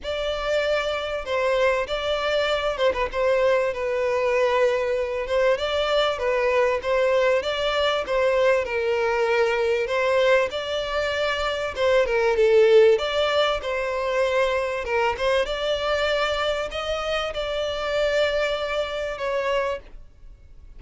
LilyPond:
\new Staff \with { instrumentName = "violin" } { \time 4/4 \tempo 4 = 97 d''2 c''4 d''4~ | d''8 c''16 b'16 c''4 b'2~ | b'8 c''8 d''4 b'4 c''4 | d''4 c''4 ais'2 |
c''4 d''2 c''8 ais'8 | a'4 d''4 c''2 | ais'8 c''8 d''2 dis''4 | d''2. cis''4 | }